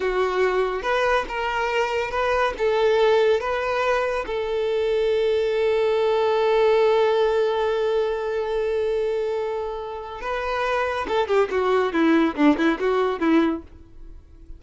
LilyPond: \new Staff \with { instrumentName = "violin" } { \time 4/4 \tempo 4 = 141 fis'2 b'4 ais'4~ | ais'4 b'4 a'2 | b'2 a'2~ | a'1~ |
a'1~ | a'1 | b'2 a'8 g'8 fis'4 | e'4 d'8 e'8 fis'4 e'4 | }